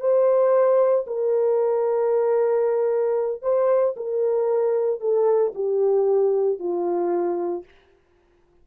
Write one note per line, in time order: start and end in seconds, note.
0.00 1.05 C5
1.07 3.42 A#4
3.42 3.95 C5
3.96 5.00 A#4
5.00 5.53 A4
5.55 6.59 G4
6.59 7.65 F4